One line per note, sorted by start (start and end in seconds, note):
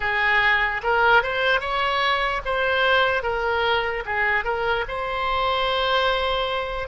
0.00 0.81 G#4
0.83 1.22 A#4
1.22 1.60 C5
1.60 2.41 C#5
2.45 3.22 C5
3.22 4.03 A#4
4.05 4.44 G#4
4.44 4.84 A#4
4.88 6.88 C5